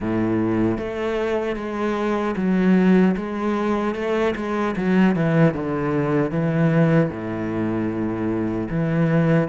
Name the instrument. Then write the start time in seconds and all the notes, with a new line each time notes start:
cello
0.00 A2
0.78 A3
1.56 G#3
2.36 F#3
3.17 G#3
3.95 A3
4.36 G#3
4.76 F#3
5.15 E3
5.53 D3
6.31 E3
7.09 A2
8.70 E3